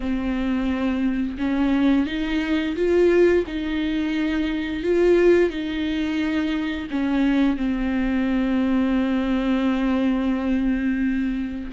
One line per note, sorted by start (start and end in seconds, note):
0.00 1.37 C4
1.38 2.06 C#4
2.06 2.75 D#4
2.76 3.45 F4
3.47 4.83 D#4
4.83 5.50 F4
5.50 6.87 D#4
6.91 7.56 C#4
7.56 11.70 C4